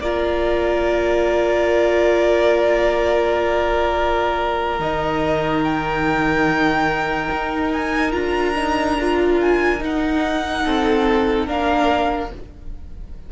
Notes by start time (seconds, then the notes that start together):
0.00 A#3 F4 A#4 D5
4.79 D#3 D#4 D#5
5.64 G5
7.30 D#4
7.72 G#5
8.12 D4 F4 A#5
8.55 D#4
9.00 F4
9.40 G#5
9.79 D#4 F#5
10.64 C4 A4
11.46 A#3 D4 A#4 F5